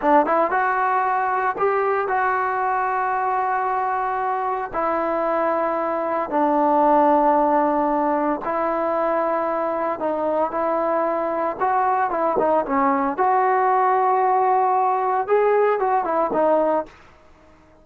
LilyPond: \new Staff \with { instrumentName = "trombone" } { \time 4/4 \tempo 4 = 114 d'8 e'8 fis'2 g'4 | fis'1~ | fis'4 e'2. | d'1 |
e'2. dis'4 | e'2 fis'4 e'8 dis'8 | cis'4 fis'2.~ | fis'4 gis'4 fis'8 e'8 dis'4 | }